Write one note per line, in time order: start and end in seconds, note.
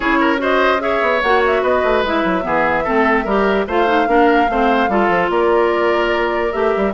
0.00 1.01 C#4
0.00 0.37 E4
0.00 0.19 G#4
0.00 0.38 C#5
0.20 0.40 A#4
0.37 0.78 F#4
0.37 0.82 C5
0.37 0.81 D#5
0.79 1.20 G#4
0.79 1.62 C#5
0.79 1.21 E5
1.01 1.22 B3
1.21 1.62 A#3
1.21 2.06 F#4
1.21 1.42 F#5
1.46 1.63 E5
1.62 1.83 B3
1.62 2.44 B4
1.62 2.04 D#5
1.83 2.03 A3
2.03 2.23 G#3
2.03 2.42 E4
2.03 3.68 E5
2.24 2.45 F#3
2.42 2.86 E3
2.42 2.83 B3
2.42 2.84 G#4
2.84 3.25 A3
2.84 3.26 C4
2.84 3.24 A4
3.24 3.66 G3
3.24 3.68 G4
3.24 3.65 A#4
3.67 4.07 A3
3.67 3.86 F4
3.67 4.08 C5
3.67 5.31 F5
3.86 4.07 D#4
4.07 4.48 A#3
4.07 4.48 D4
4.07 4.50 A#4
4.49 4.88 A3
4.49 4.89 C4
4.49 4.90 C5
4.88 5.08 G3
4.88 6.52 F4
4.88 5.30 A4
5.08 5.29 F3
5.29 6.52 A#3
5.29 6.93 A#4
5.29 6.52 D5
6.52 6.74 A3
6.52 6.93 G4
6.52 6.93 E5
6.76 6.93 G3